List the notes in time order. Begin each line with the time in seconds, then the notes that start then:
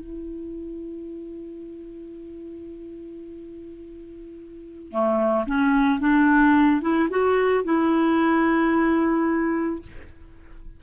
0.00 E4
4.91 A3
5.46 C#4
6.00 D4
6.81 E4
7.10 F#4
7.64 E4